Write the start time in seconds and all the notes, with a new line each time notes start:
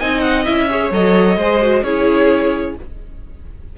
0.00 C4 D#4 D#5 G#5
0.21 F#5
0.45 C#4 E4 E5
0.71 G#4 C#5
0.91 F#3 A4 D#5
1.37 G#3 G#4 C5
1.62 F#4
1.83 C#4 E4 G#4 C#5